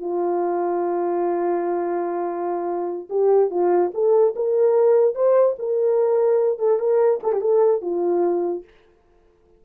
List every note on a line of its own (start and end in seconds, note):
0.00 3.08 F4
3.10 3.50 G4
3.50 3.92 F4
3.94 4.35 A4
4.35 5.14 A#4
5.14 5.56 C5
5.58 6.59 A#4
6.59 6.79 A4
6.79 7.20 A#4
7.23 7.32 A4
7.32 7.41 G4
7.41 7.82 A4
7.82 8.64 F4